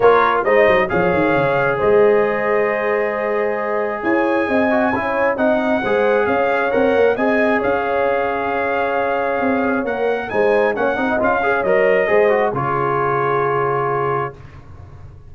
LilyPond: <<
  \new Staff \with { instrumentName = "trumpet" } { \time 4/4 \tempo 4 = 134 cis''4 dis''4 f''2 | dis''1~ | dis''4 gis''2. | fis''2 f''4 fis''4 |
gis''4 f''2.~ | f''2 fis''4 gis''4 | fis''4 f''4 dis''2 | cis''1 | }
  \new Staff \with { instrumentName = "horn" } { \time 4/4 ais'4 c''4 cis''2 | c''1~ | c''4 cis''4 dis''4 cis''4 | dis''4 c''4 cis''2 |
dis''4 cis''2.~ | cis''2. c''4 | cis''8 dis''4 cis''4. c''4 | gis'1 | }
  \new Staff \with { instrumentName = "trombone" } { \time 4/4 f'4 dis'4 gis'2~ | gis'1~ | gis'2~ gis'8 fis'8 e'4 | dis'4 gis'2 ais'4 |
gis'1~ | gis'2 ais'4 dis'4 | cis'8 dis'8 f'8 gis'8 ais'4 gis'8 fis'8 | f'1 | }
  \new Staff \with { instrumentName = "tuba" } { \time 4/4 ais4 gis8 fis8 f8 dis8 cis4 | gis1~ | gis4 e'4 c'4 cis'4 | c'4 gis4 cis'4 c'8 ais8 |
c'4 cis'2.~ | cis'4 c'4 ais4 gis4 | ais8 c'8 cis'4 fis4 gis4 | cis1 | }
>>